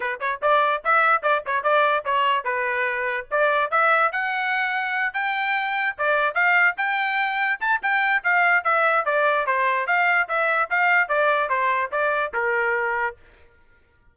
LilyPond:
\new Staff \with { instrumentName = "trumpet" } { \time 4/4 \tempo 4 = 146 b'8 cis''8 d''4 e''4 d''8 cis''8 | d''4 cis''4 b'2 | d''4 e''4 fis''2~ | fis''8 g''2 d''4 f''8~ |
f''8 g''2 a''8 g''4 | f''4 e''4 d''4 c''4 | f''4 e''4 f''4 d''4 | c''4 d''4 ais'2 | }